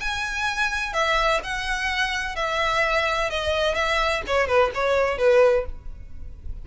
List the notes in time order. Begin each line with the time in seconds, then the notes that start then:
0.00 G#5
0.93 E5
1.44 F#5
2.36 E5
3.30 D#5
3.75 E5
4.27 C#5
4.47 B4
4.74 C#5
5.18 B4